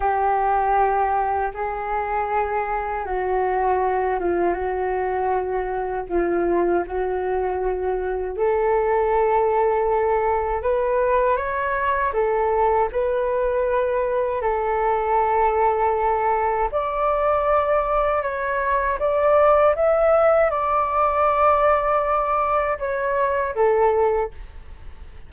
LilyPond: \new Staff \with { instrumentName = "flute" } { \time 4/4 \tempo 4 = 79 g'2 gis'2 | fis'4. f'8 fis'2 | f'4 fis'2 a'4~ | a'2 b'4 cis''4 |
a'4 b'2 a'4~ | a'2 d''2 | cis''4 d''4 e''4 d''4~ | d''2 cis''4 a'4 | }